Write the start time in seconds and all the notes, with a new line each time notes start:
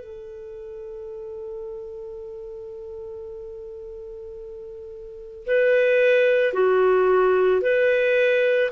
0.00 A4
5.46 B4
6.54 F#4
7.62 B4